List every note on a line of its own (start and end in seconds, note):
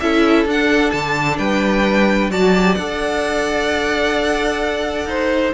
0.00 0.45 C#4
0.00 0.48 E4
0.00 1.39 A4
0.00 0.46 E5
0.45 0.92 D4
0.45 2.31 D4
0.45 0.91 F#5
0.91 1.38 D3
0.91 1.37 A5
1.38 2.30 G3
1.38 2.31 B4
1.38 2.31 G5
2.30 2.76 F#3
2.30 2.54 F#4
2.30 5.08 D5
2.30 2.75 A5
2.55 2.78 G4
2.75 5.06 D4
2.75 5.54 A4
2.75 5.52 F#5
5.06 5.52 D#4
5.06 5.54 C5